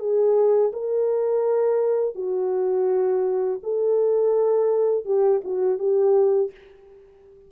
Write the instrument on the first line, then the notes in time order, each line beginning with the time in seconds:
horn
0.00 G#4
0.73 A#4
2.15 F#4
3.63 A4
5.05 G4
5.44 F#4
5.79 G4